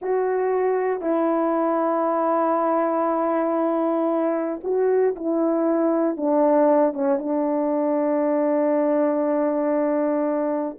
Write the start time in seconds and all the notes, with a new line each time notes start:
0.01 F#4
1.01 E4
4.63 F#4
5.15 E4
6.17 D4
6.93 C#4
7.18 D4